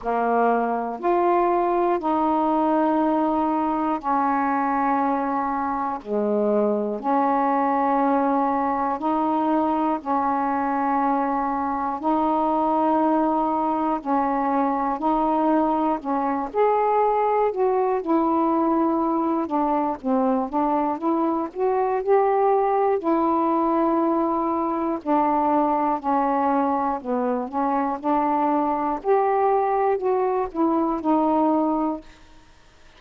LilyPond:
\new Staff \with { instrumentName = "saxophone" } { \time 4/4 \tempo 4 = 60 ais4 f'4 dis'2 | cis'2 gis4 cis'4~ | cis'4 dis'4 cis'2 | dis'2 cis'4 dis'4 |
cis'8 gis'4 fis'8 e'4. d'8 | c'8 d'8 e'8 fis'8 g'4 e'4~ | e'4 d'4 cis'4 b8 cis'8 | d'4 g'4 fis'8 e'8 dis'4 | }